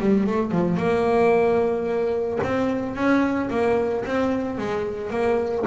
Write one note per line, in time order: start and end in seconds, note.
0.00 0.27 G3
0.27 0.52 A3
0.52 0.77 F3
0.77 2.39 A#3
2.44 2.96 C4
2.96 3.50 C#4
3.51 4.05 A#3
4.06 4.58 C4
4.58 5.11 G#3
5.11 5.65 A#3